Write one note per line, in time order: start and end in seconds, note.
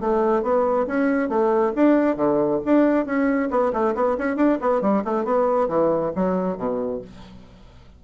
0.00 0.42 A3
0.42 0.86 B3
0.87 1.29 C#4
1.29 1.73 A3
1.75 2.16 D4
2.16 2.60 D3
2.65 3.06 D4
3.06 3.49 C#4
3.50 3.72 B3
3.73 3.95 A3
3.95 4.17 B3
4.18 4.36 C#4
4.36 4.58 D4
4.61 4.81 B3
4.81 5.03 G3
5.04 5.24 A3
5.24 5.68 B3
5.68 6.12 E3
6.15 6.57 F#3
6.57 7.01 B2